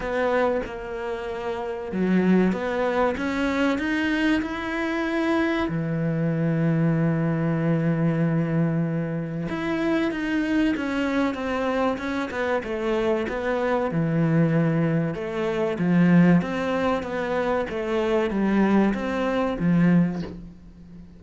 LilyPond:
\new Staff \with { instrumentName = "cello" } { \time 4/4 \tempo 4 = 95 b4 ais2 fis4 | b4 cis'4 dis'4 e'4~ | e'4 e2.~ | e2. e'4 |
dis'4 cis'4 c'4 cis'8 b8 | a4 b4 e2 | a4 f4 c'4 b4 | a4 g4 c'4 f4 | }